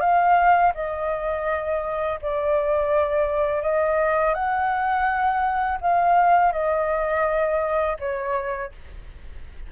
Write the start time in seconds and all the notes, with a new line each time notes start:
0.00 F5
0.75 D#5
2.21 D5
3.62 D#5
4.34 F#5
5.81 F5
6.52 D#5
7.99 C#5